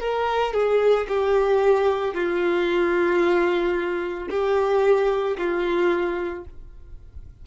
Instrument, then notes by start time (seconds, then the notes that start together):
violin
0.00 A#4
0.54 G#4
1.08 G4
2.14 F4
4.30 G4
5.37 F4